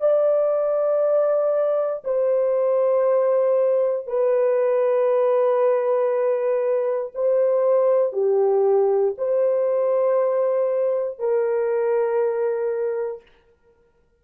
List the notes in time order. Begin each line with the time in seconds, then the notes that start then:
0.00 D5
2.04 C5
4.07 B4
7.14 C5
8.13 G4
9.18 C5
11.19 A#4